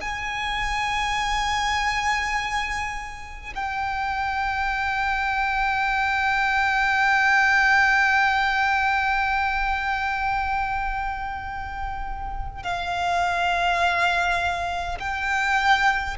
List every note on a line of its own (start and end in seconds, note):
0.00 3.53 G#5
3.55 12.63 G5
12.63 14.98 F5
14.99 16.17 G5